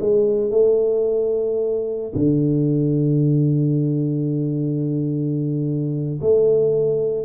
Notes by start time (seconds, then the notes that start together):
0.00 G#3
0.51 A3
2.15 D3
6.21 A3